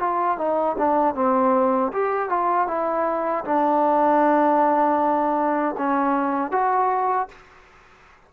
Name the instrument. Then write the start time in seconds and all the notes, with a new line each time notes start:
trombone
0.00 F4
0.38 D#4
0.79 D4
1.15 C4
1.93 G4
2.30 F4
2.68 E4
3.45 D4
5.78 C#4
6.52 F#4